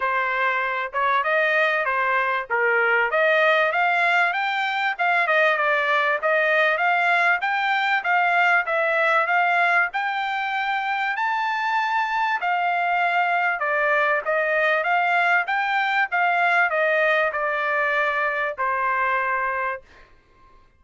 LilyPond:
\new Staff \with { instrumentName = "trumpet" } { \time 4/4 \tempo 4 = 97 c''4. cis''8 dis''4 c''4 | ais'4 dis''4 f''4 g''4 | f''8 dis''8 d''4 dis''4 f''4 | g''4 f''4 e''4 f''4 |
g''2 a''2 | f''2 d''4 dis''4 | f''4 g''4 f''4 dis''4 | d''2 c''2 | }